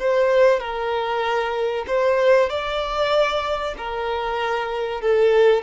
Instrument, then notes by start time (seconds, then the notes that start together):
violin
0.00 C5
0.61 A#4
1.88 C5
2.50 D5
3.78 A#4
5.01 A4